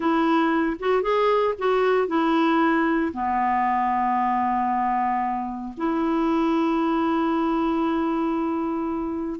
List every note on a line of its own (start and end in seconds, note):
0.00 0.76 E4
0.79 1.02 F#4
1.02 1.54 G#4
1.58 2.07 F#4
2.07 3.12 E4
3.13 5.74 B3
5.77 9.40 E4